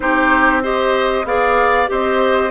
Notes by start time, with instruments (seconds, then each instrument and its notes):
0.00 bassoon C4, clarinet D#4, oboe G4, flute C5
0.62 clarinet G4, oboe C5, flute D#5
1.24 bassoon B3, clarinet G#4, oboe D5, flute F5
1.86 bassoon C4, clarinet G4, oboe C5, flute D#5